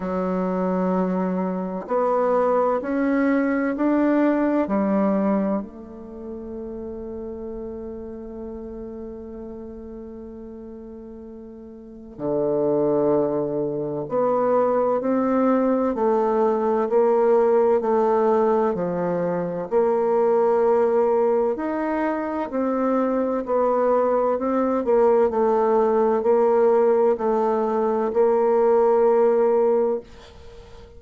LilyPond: \new Staff \with { instrumentName = "bassoon" } { \time 4/4 \tempo 4 = 64 fis2 b4 cis'4 | d'4 g4 a2~ | a1~ | a4 d2 b4 |
c'4 a4 ais4 a4 | f4 ais2 dis'4 | c'4 b4 c'8 ais8 a4 | ais4 a4 ais2 | }